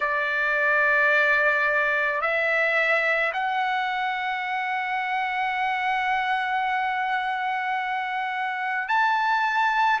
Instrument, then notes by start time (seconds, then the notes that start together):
trumpet
0.00 D5
2.21 E5
3.33 F#5
8.88 A5